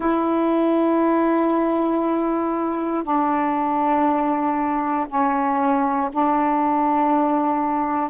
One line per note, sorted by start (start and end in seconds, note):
0.00 3.03 E4
3.03 5.07 D4
5.08 6.10 C#4
6.12 8.09 D4